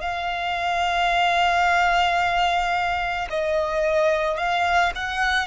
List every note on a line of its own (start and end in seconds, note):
0.00 3.27 F5
3.29 4.37 D#5
4.37 4.92 F5
4.95 5.47 F#5